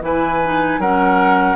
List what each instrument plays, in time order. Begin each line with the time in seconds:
0.00 bassoon E3, clarinet E4, oboe B4, flute G#5
0.45 clarinet D#4
0.78 bassoon F#3, clarinet C#4, oboe A#4, flute F#5